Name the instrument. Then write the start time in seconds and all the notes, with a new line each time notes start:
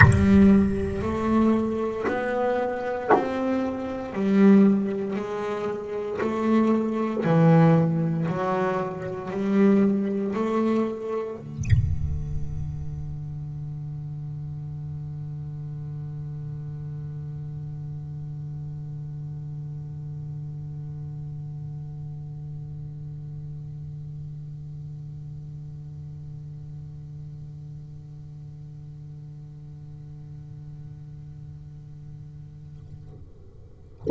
double bass
0.00 G3
1.02 A3
2.07 B3
3.14 C4
4.12 G3
5.16 G#3
6.21 A3
7.24 E3
8.28 F#3
9.31 G3
10.35 A3
11.37 D3